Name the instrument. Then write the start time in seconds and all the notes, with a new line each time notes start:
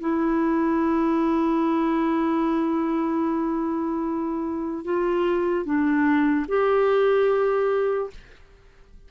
clarinet
0.00 E4
4.84 F4
5.65 D4
6.48 G4